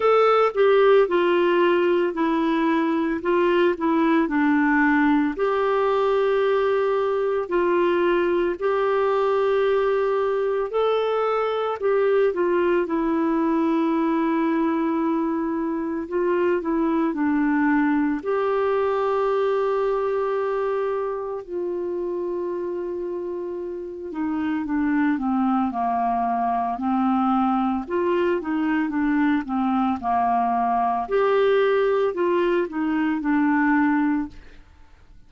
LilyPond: \new Staff \with { instrumentName = "clarinet" } { \time 4/4 \tempo 4 = 56 a'8 g'8 f'4 e'4 f'8 e'8 | d'4 g'2 f'4 | g'2 a'4 g'8 f'8 | e'2. f'8 e'8 |
d'4 g'2. | f'2~ f'8 dis'8 d'8 c'8 | ais4 c'4 f'8 dis'8 d'8 c'8 | ais4 g'4 f'8 dis'8 d'4 | }